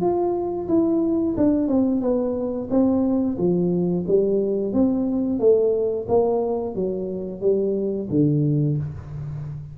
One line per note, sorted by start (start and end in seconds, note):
0.00 0.67 F4
0.68 1.35 E4
1.37 1.68 D4
1.68 2.00 C4
2.00 2.68 B3
2.70 3.37 C4
3.37 4.05 F3
4.07 4.73 G3
4.73 5.39 C4
5.39 6.06 A3
6.08 6.75 A#3
6.75 7.41 F#3
7.41 8.08 G3
8.10 8.77 D3